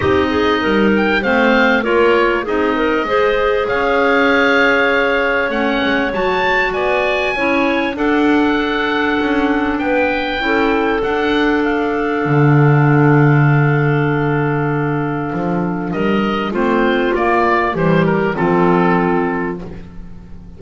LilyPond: <<
  \new Staff \with { instrumentName = "oboe" } { \time 4/4 \tempo 4 = 98 dis''4. g''8 f''4 cis''4 | dis''2 f''2~ | f''4 fis''4 a''4 gis''4~ | gis''4 fis''2. |
g''2 fis''4 f''4~ | f''1~ | f''2 dis''4 c''4 | d''4 c''8 ais'8 a'2 | }
  \new Staff \with { instrumentName = "clarinet" } { \time 4/4 g'8 gis'8 ais'4 c''4 ais'4 | gis'8 ais'8 c''4 cis''2~ | cis''2. d''4 | cis''4 a'2. |
b'4 a'2.~ | a'1~ | a'2 ais'4 f'4~ | f'4 g'4 f'2 | }
  \new Staff \with { instrumentName = "clarinet" } { \time 4/4 dis'2 c'4 f'4 | dis'4 gis'2.~ | gis'4 cis'4 fis'2 | e'4 d'2.~ |
d'4 e'4 d'2~ | d'1~ | d'2. c'4 | ais4 g4 c'2 | }
  \new Staff \with { instrumentName = "double bass" } { \time 4/4 c'4 g4 a4 ais4 | c'4 gis4 cis'2~ | cis'4 a8 gis8 fis4 b4 | cis'4 d'2 cis'4 |
b4 cis'4 d'2 | d1~ | d4 f4 g4 a4 | ais4 e4 f2 | }
>>